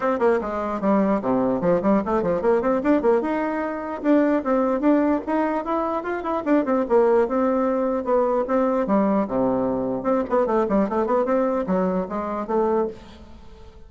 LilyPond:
\new Staff \with { instrumentName = "bassoon" } { \time 4/4 \tempo 4 = 149 c'8 ais8 gis4 g4 c4 | f8 g8 a8 f8 ais8 c'8 d'8 ais8 | dis'2 d'4 c'4 | d'4 dis'4 e'4 f'8 e'8 |
d'8 c'8 ais4 c'2 | b4 c'4 g4 c4~ | c4 c'8 b8 a8 g8 a8 b8 | c'4 fis4 gis4 a4 | }